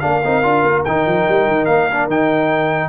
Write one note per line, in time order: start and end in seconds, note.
0.00 0.25 A#3
0.00 0.21 D4
0.00 0.82 F5
0.06 2.89 A#4
0.24 0.44 C4
0.24 0.43 D#4
0.43 0.63 D4
0.43 0.85 F4
0.63 0.84 A#3
0.85 1.06 D#3
0.85 1.90 D#4
0.85 1.65 G5
1.06 1.27 F3
1.28 1.47 G3
1.47 1.67 D#3
1.65 2.08 A#3
1.65 2.07 F5
1.91 2.10 D4
2.08 2.89 D#3
2.08 2.89 D#4
2.08 2.89 G5